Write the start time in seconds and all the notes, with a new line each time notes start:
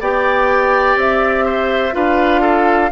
0.00 B3 G4 D5 G5
0.96 C4 E5
1.45 C5
1.92 D4 F4 B4 F5
2.41 A4